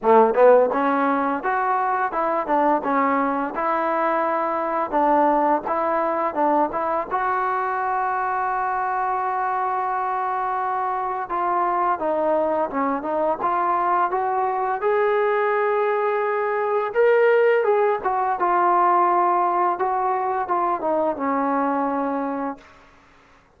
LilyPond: \new Staff \with { instrumentName = "trombone" } { \time 4/4 \tempo 4 = 85 a8 b8 cis'4 fis'4 e'8 d'8 | cis'4 e'2 d'4 | e'4 d'8 e'8 fis'2~ | fis'1 |
f'4 dis'4 cis'8 dis'8 f'4 | fis'4 gis'2. | ais'4 gis'8 fis'8 f'2 | fis'4 f'8 dis'8 cis'2 | }